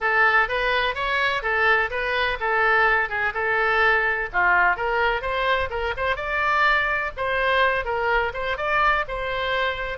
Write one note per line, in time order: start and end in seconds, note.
0.00 0.48 A4
0.48 0.94 B4
0.94 1.42 C#5
1.42 1.89 A4
1.90 2.38 B4
2.40 3.09 A4
3.09 3.33 G#4
3.34 4.29 A4
4.32 4.76 F4
4.76 5.21 A#4
5.21 5.69 C5
5.70 5.94 A#4
5.96 6.16 C5
6.16 7.11 D5
7.16 7.84 C5
7.84 8.32 A#4
8.33 8.57 C5
8.57 9.05 D5
9.08 9.97 C5